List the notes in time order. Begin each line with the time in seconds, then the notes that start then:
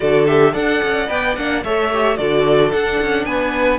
0.00 D3 F#4 A4 D5
0.27 G4 E5
0.52 D4 A4 D5 F#5
0.83 C#4
1.07 B3 B4 G5
1.36 A#3 D4 F#5
1.64 A3 A4 C#5 E5
1.92 G4
2.16 D3 F#4 A4 D5
2.71 D4 F#5
3.01 C#4
3.25 B3 B4 G#5